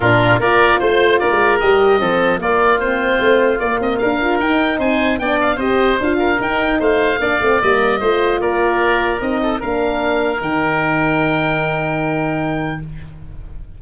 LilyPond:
<<
  \new Staff \with { instrumentName = "oboe" } { \time 4/4 \tempo 4 = 150 ais'4 d''4 c''4 d''4 | dis''2 d''4 c''4~ | c''4 d''8 dis''8 f''4 g''4 | gis''4 g''8 f''8 dis''4 f''4 |
g''4 f''2 dis''4~ | dis''4 d''2 dis''4 | f''2 g''2~ | g''1 | }
  \new Staff \with { instrumentName = "oboe" } { \time 4/4 f'4 ais'4 c''4 ais'4~ | ais'4 a'4 f'2~ | f'2 ais'2 | c''4 d''4 c''4. ais'8~ |
ais'4 c''4 d''2 | c''4 ais'2~ ais'8 a'8 | ais'1~ | ais'1 | }
  \new Staff \with { instrumentName = "horn" } { \time 4/4 d'4 f'2. | g'4 c'4 ais4 c'4~ | c'4 ais4. f'8 dis'4~ | dis'4 d'4 g'4 f'4 |
dis'2 d'8 c'8 ais4 | f'2. dis'4 | d'2 dis'2~ | dis'1 | }
  \new Staff \with { instrumentName = "tuba" } { \time 4/4 ais,4 ais4 a4 ais16 gis8. | g4 f4 ais2 | a4 ais8 c'8 d'4 dis'4 | c'4 b4 c'4 d'4 |
dis'4 a4 ais8 a8 g4 | a4 ais2 c'4 | ais2 dis2~ | dis1 | }
>>